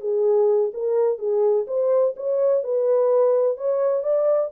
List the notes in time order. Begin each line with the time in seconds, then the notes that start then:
0.00 G#4
0.73 A#4
1.18 G#4
1.67 C5
2.16 C#5
2.63 B4
3.57 C#5
4.03 D5